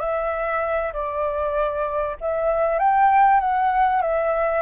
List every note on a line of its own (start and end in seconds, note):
0.00 0.93 E5
0.93 2.17 D5
2.21 2.79 E5
2.79 3.40 G5
3.40 4.02 F#5
4.02 4.63 E5